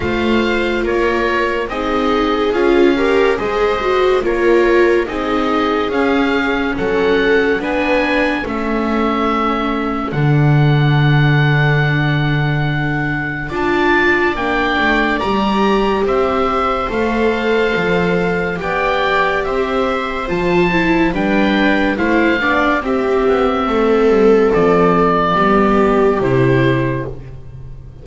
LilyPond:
<<
  \new Staff \with { instrumentName = "oboe" } { \time 4/4 \tempo 4 = 71 f''4 cis''4 dis''4 f''4 | dis''4 cis''4 dis''4 f''4 | fis''4 gis''4 e''2 | fis''1 |
a''4 g''4 ais''4 e''4 | f''2 g''4 e''4 | a''4 g''4 f''4 e''4~ | e''4 d''2 c''4 | }
  \new Staff \with { instrumentName = "viola" } { \time 4/4 c''4 ais'4 gis'4. ais'8 | c''4 ais'4 gis'2 | a'4 b'4 a'2~ | a'1 |
d''2. c''4~ | c''2 d''4 c''4~ | c''4 b'4 c''8 d''8 g'4 | a'2 g'2 | }
  \new Staff \with { instrumentName = "viola" } { \time 4/4 f'2 dis'4 f'8 g'8 | gis'8 fis'8 f'4 dis'4 cis'4~ | cis'4 d'4 cis'2 | d'1 |
f'4 d'4 g'2 | a'2 g'2 | f'8 e'8 d'4 e'8 d'8 c'4~ | c'2 b4 e'4 | }
  \new Staff \with { instrumentName = "double bass" } { \time 4/4 a4 ais4 c'4 cis'4 | gis4 ais4 c'4 cis'4 | fis4 b4 a2 | d1 |
d'4 ais8 a8 g4 c'4 | a4 f4 b4 c'4 | f4 g4 a8 b8 c'8 b8 | a8 g8 f4 g4 c4 | }
>>